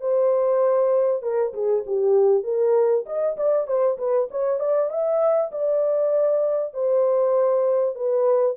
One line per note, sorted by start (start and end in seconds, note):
0.00 1.22 C5
1.22 1.53 A#4
1.53 1.84 G#4
1.86 2.44 G4
2.44 3.05 A#4
3.06 3.36 D#5
3.36 3.67 D5
3.67 3.97 C5
3.98 4.29 B4
4.31 4.59 C#5
4.59 4.90 D5
4.90 5.51 E5
5.51 6.73 D5
6.73 7.95 C5
7.95 8.56 B4